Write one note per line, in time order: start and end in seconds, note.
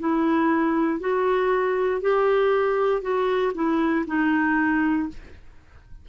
0.00 1.00 E4
1.00 2.02 F#4
2.02 3.02 G4
3.02 3.53 F#4
3.55 4.06 E4
4.07 5.09 D#4